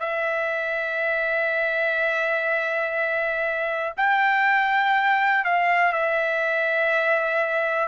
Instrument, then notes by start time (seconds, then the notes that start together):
trumpet
0.00 E5
3.97 G5
5.45 F5
5.93 E5